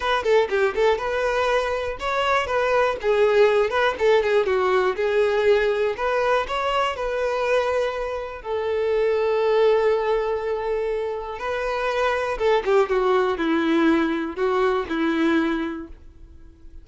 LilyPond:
\new Staff \with { instrumentName = "violin" } { \time 4/4 \tempo 4 = 121 b'8 a'8 g'8 a'8 b'2 | cis''4 b'4 gis'4. b'8 | a'8 gis'8 fis'4 gis'2 | b'4 cis''4 b'2~ |
b'4 a'2.~ | a'2. b'4~ | b'4 a'8 g'8 fis'4 e'4~ | e'4 fis'4 e'2 | }